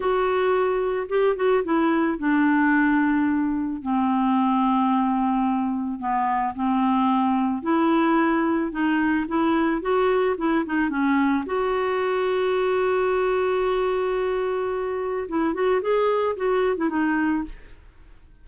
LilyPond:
\new Staff \with { instrumentName = "clarinet" } { \time 4/4 \tempo 4 = 110 fis'2 g'8 fis'8 e'4 | d'2. c'4~ | c'2. b4 | c'2 e'2 |
dis'4 e'4 fis'4 e'8 dis'8 | cis'4 fis'2.~ | fis'1 | e'8 fis'8 gis'4 fis'8. e'16 dis'4 | }